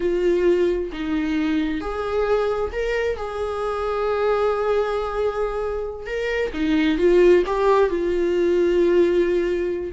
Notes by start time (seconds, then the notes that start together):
0.00 F4
0.92 D#4
1.80 G#4
2.72 A#4
3.16 G#4
6.06 A#4
6.53 D#4
6.98 F4
7.46 G4
7.89 F4